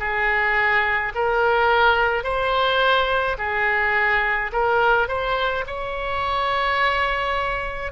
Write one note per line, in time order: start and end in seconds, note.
0.00 1.13 G#4
1.15 2.24 A#4
2.24 3.37 C5
3.39 4.52 G#4
4.53 5.08 A#4
5.08 5.65 C5
5.67 7.92 C#5